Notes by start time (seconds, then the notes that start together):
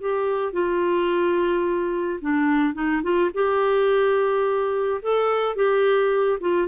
0.00 G4
0.53 F4
2.21 D4
2.74 D#4
3.02 F4
3.34 G4
5.02 A4
5.55 G4
6.40 F4